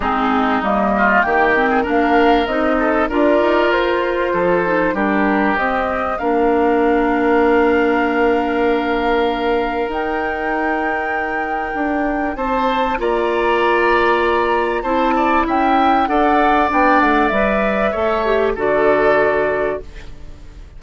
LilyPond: <<
  \new Staff \with { instrumentName = "flute" } { \time 4/4 \tempo 4 = 97 gis'4 dis''4 g''4 f''4 | dis''4 d''4 c''2 | ais'4 dis''4 f''2~ | f''1 |
g''1 | a''4 ais''2. | a''4 g''4 fis''4 g''8 fis''8 | e''2 d''2 | }
  \new Staff \with { instrumentName = "oboe" } { \time 4/4 dis'4. f'8 g'8. gis'16 ais'4~ | ais'8 a'8 ais'2 a'4 | g'2 ais'2~ | ais'1~ |
ais'1 | c''4 d''2. | c''8 d''8 e''4 d''2~ | d''4 cis''4 a'2 | }
  \new Staff \with { instrumentName = "clarinet" } { \time 4/4 c'4 ais4. c'8 d'4 | dis'4 f'2~ f'8 dis'8 | d'4 c'4 d'2~ | d'1 |
dis'1~ | dis'4 f'2. | e'2 a'4 d'4 | b'4 a'8 g'8 fis'2 | }
  \new Staff \with { instrumentName = "bassoon" } { \time 4/4 gis4 g4 dis4 ais4 | c'4 d'8 dis'8 f'4 f4 | g4 c'4 ais2~ | ais1 |
dis'2. d'4 | c'4 ais2. | c'4 cis'4 d'4 b8 a8 | g4 a4 d2 | }
>>